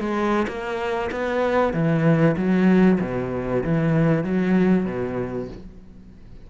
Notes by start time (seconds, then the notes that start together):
0.00 G#3
0.48 A#3
1.12 B3
1.74 E3
2.37 F#3
3.01 B2
3.64 E3
4.24 F#3
4.86 B2